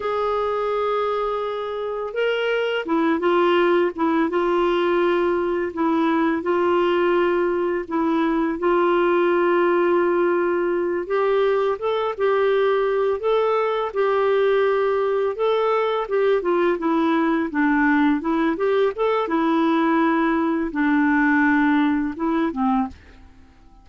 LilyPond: \new Staff \with { instrumentName = "clarinet" } { \time 4/4 \tempo 4 = 84 gis'2. ais'4 | e'8 f'4 e'8 f'2 | e'4 f'2 e'4 | f'2.~ f'8 g'8~ |
g'8 a'8 g'4. a'4 g'8~ | g'4. a'4 g'8 f'8 e'8~ | e'8 d'4 e'8 g'8 a'8 e'4~ | e'4 d'2 e'8 c'8 | }